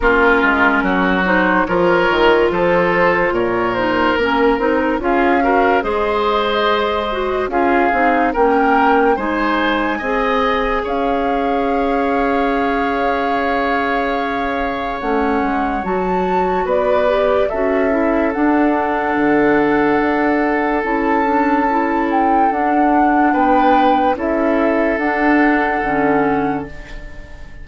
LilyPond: <<
  \new Staff \with { instrumentName = "flute" } { \time 4/4 \tempo 4 = 72 ais'4. c''8 cis''4 c''4 | cis''8 c''8 ais'4 f''4 dis''4~ | dis''4 f''4 g''4 gis''4~ | gis''4 f''2.~ |
f''2 fis''4 a''4 | d''4 e''4 fis''2~ | fis''4 a''4. g''8 fis''4 | g''4 e''4 fis''2 | }
  \new Staff \with { instrumentName = "oboe" } { \time 4/4 f'4 fis'4 ais'4 a'4 | ais'2 gis'8 ais'8 c''4~ | c''4 gis'4 ais'4 c''4 | dis''4 cis''2.~ |
cis''1 | b'4 a'2.~ | a'1 | b'4 a'2. | }
  \new Staff \with { instrumentName = "clarinet" } { \time 4/4 cis'4. dis'8 f'2~ | f'8 dis'8 cis'8 dis'8 f'8 fis'8 gis'4~ | gis'8 fis'8 f'8 dis'8 cis'4 dis'4 | gis'1~ |
gis'2 cis'4 fis'4~ | fis'8 g'8 fis'8 e'8 d'2~ | d'4 e'8 d'8 e'4 d'4~ | d'4 e'4 d'4 cis'4 | }
  \new Staff \with { instrumentName = "bassoon" } { \time 4/4 ais8 gis8 fis4 f8 dis8 f4 | ais,4 ais8 c'8 cis'4 gis4~ | gis4 cis'8 c'8 ais4 gis4 | c'4 cis'2.~ |
cis'2 a8 gis8 fis4 | b4 cis'4 d'4 d4 | d'4 cis'2 d'4 | b4 cis'4 d'4 d4 | }
>>